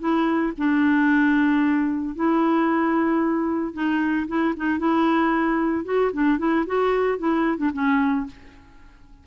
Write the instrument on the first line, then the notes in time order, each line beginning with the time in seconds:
clarinet
0.00 E4
0.58 D4
2.16 E4
3.74 D#4
4.28 E4
4.57 D#4
4.79 E4
5.85 F#4
6.13 D4
6.39 E4
6.67 F#4
7.19 E4
7.58 D4
7.74 C#4